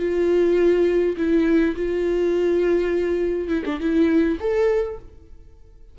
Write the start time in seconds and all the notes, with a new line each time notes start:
0.00 F4
1.18 E4
1.76 F4
3.49 E4
3.66 D4
3.80 E4
4.41 A4